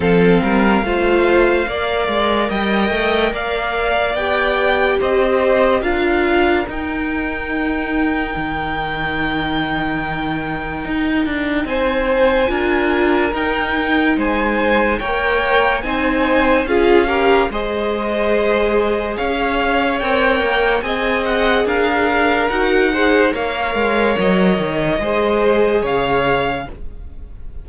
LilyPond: <<
  \new Staff \with { instrumentName = "violin" } { \time 4/4 \tempo 4 = 72 f''2. g''4 | f''4 g''4 dis''4 f''4 | g''1~ | g''2 gis''2 |
g''4 gis''4 g''4 gis''4 | f''4 dis''2 f''4 | g''4 gis''8 fis''8 f''4 fis''4 | f''4 dis''2 f''4 | }
  \new Staff \with { instrumentName = "violin" } { \time 4/4 a'8 ais'8 c''4 d''4 dis''4 | d''2 c''4 ais'4~ | ais'1~ | ais'2 c''4 ais'4~ |
ais'4 c''4 cis''4 c''4 | gis'8 ais'8 c''2 cis''4~ | cis''4 dis''4 ais'4. c''8 | cis''2 c''4 cis''4 | }
  \new Staff \with { instrumentName = "viola" } { \time 4/4 c'4 f'4 ais'2~ | ais'4 g'2 f'4 | dis'1~ | dis'2. f'4 |
dis'2 ais'4 dis'4 | f'8 g'8 gis'2. | ais'4 gis'2 fis'8 gis'8 | ais'2 gis'2 | }
  \new Staff \with { instrumentName = "cello" } { \time 4/4 f8 g8 a4 ais8 gis8 g8 a8 | ais4 b4 c'4 d'4 | dis'2 dis2~ | dis4 dis'8 d'8 c'4 d'4 |
dis'4 gis4 ais4 c'4 | cis'4 gis2 cis'4 | c'8 ais8 c'4 d'4 dis'4 | ais8 gis8 fis8 dis8 gis4 cis4 | }
>>